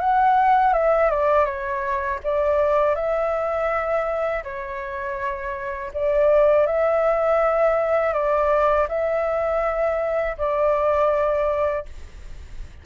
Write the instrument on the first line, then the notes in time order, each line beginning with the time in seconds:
flute
0.00 F#5
0.73 E5
1.11 D5
1.45 C#5
2.24 D5
2.95 E5
4.43 C#5
5.94 D5
6.66 E5
8.13 D5
8.89 E5
10.38 D5